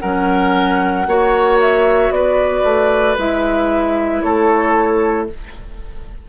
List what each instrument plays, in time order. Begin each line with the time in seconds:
0.00 bassoon F#3, clarinet C#4, oboe A#4, flute F#5
1.07 bassoon A#3, clarinet F#4, oboe C#5
1.61 flute E5
2.10 bassoon B3, oboe B4, flute D5
2.64 bassoon A3
3.17 bassoon G#3, clarinet E4, flute E5
4.22 bassoon A3, oboe A4, flute C#5